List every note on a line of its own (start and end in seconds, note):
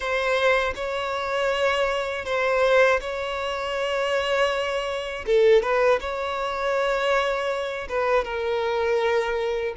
0.00 0.73 C5
0.75 2.25 C#5
2.25 3.00 C5
3.00 5.25 C#5
5.26 5.62 A4
5.62 5.99 B4
6.00 7.88 C#5
7.89 8.24 B4
8.24 9.74 A#4